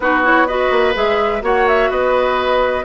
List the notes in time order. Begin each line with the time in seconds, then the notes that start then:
0.00 B3 D#4 F#4 B4
0.23 E4 C#5
0.47 F#4 B4 D#5
0.71 A#3
0.94 G#3 G#4 E5
1.41 A#3 F#4 C#5 F#5
1.67 E5
1.89 B3 B4 D#5